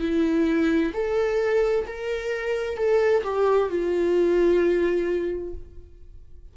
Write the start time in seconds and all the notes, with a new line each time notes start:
0.00 E4
0.94 A4
1.87 A#4
2.77 A4
3.24 G4
3.70 F4